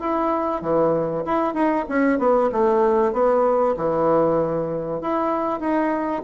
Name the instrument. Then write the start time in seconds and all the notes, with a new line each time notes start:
bassoon
0.00 E4
0.61 E3
1.25 E4
1.54 D#4
1.89 C#4
2.18 B3
2.52 A3
3.12 B3
3.77 E3
5.01 E4
5.60 D#4